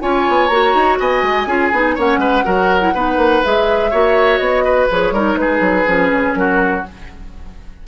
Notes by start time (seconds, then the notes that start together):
0.00 C#4 F4 C#5 G#5
0.28 B3
0.47 A#3 F#4 A#5
0.74 D#4
0.99 B3 D#5 G#5
1.22 G#3
1.46 C#4 F4 G#4
1.72 B3 D#4
1.94 A#3 C#4 C#5 F#5
2.17 G#3 B4
2.44 F#3 F#4 A#4
2.80 E4
2.94 B3 D#4 B4
3.16 A#3
3.43 G#3 G#4 E5
3.90 A#3 F#4 C#5
4.37 B3 D#5
4.64 B4
4.91 F3 G#4 C#5
5.11 G3 D#4 A#4
5.35 G#3 G#4 B4
5.60 F#3
5.85 F3 C#4
6.11 C#3
6.34 F#3 F#4 A#4